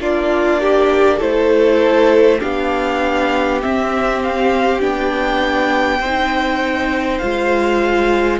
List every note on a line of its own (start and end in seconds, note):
0.00 1.20 A#3
0.00 1.20 D4
0.00 0.60 F4
0.00 1.21 D5
0.60 1.18 G4
1.18 2.40 A3
1.18 2.40 E4
1.18 2.38 A4
1.18 2.41 C5
2.39 3.63 B3
2.39 3.60 D4
2.39 5.99 G4
2.39 3.60 F5
3.60 4.80 C4
3.60 4.82 C4
3.60 4.22 E5
4.22 4.81 F5
4.80 6.00 B3
4.80 6.00 D4
4.80 7.18 G5
5.99 7.20 C4
5.99 7.21 D#4
5.99 8.39 C5
7.18 8.40 G#3
7.18 8.40 F4
7.18 8.38 F5